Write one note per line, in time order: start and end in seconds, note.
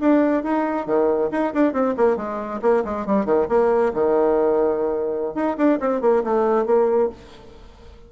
0.00 0.43 D4
0.43 0.86 D#4
0.86 1.29 D#3
1.31 1.53 D#4
1.53 1.72 D4
1.72 1.94 C4
1.96 2.16 A#3
2.16 2.60 G#3
2.61 2.83 A#3
2.84 3.06 G#3
3.06 3.25 G3
3.25 3.47 D#3
3.48 3.92 A#3
3.94 5.34 D#3
5.34 5.56 D#4
5.57 5.79 D4
5.80 6.01 C4
6.01 6.22 A#3
6.23 6.65 A3
6.65 7.09 A#3